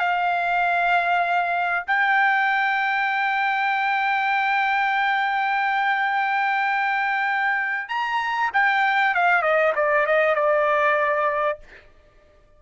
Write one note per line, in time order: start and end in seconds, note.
0.00 1.86 F5
1.87 7.89 G5
7.89 8.51 A#5
8.54 9.15 G5
9.15 9.42 F5
9.42 9.73 D#5
9.76 10.07 D5
10.07 10.36 D#5
10.36 11.59 D5